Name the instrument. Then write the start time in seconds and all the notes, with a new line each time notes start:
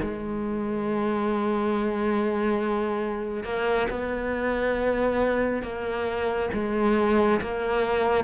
cello
0.00 G#3
3.43 A#3
3.90 B3
5.62 A#3
6.53 G#3
7.41 A#3